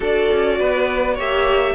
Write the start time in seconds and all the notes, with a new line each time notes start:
0.00 D4 F#4 A4 D5
0.31 C#4
0.58 B3 B4
1.14 A#3 G4 C#5 E5